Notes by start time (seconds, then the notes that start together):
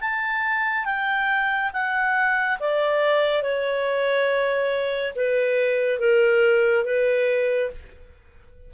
0.00 A5
0.85 G5
1.73 F#5
2.59 D5
3.42 C#5
5.15 B4
5.99 A#4
6.84 B4